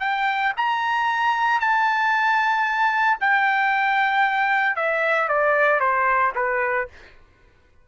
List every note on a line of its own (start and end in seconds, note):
0.00 0.53 G5
0.57 1.60 A#5
1.60 3.18 A5
3.21 4.76 G5
4.76 5.28 E5
5.28 5.80 D5
5.80 6.33 C5
6.35 6.88 B4